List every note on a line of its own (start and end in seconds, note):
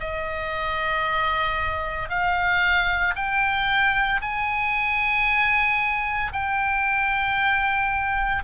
0.00 2.09 D#5
2.09 3.14 F5
3.15 4.21 G5
4.22 6.32 G#5
6.33 8.43 G5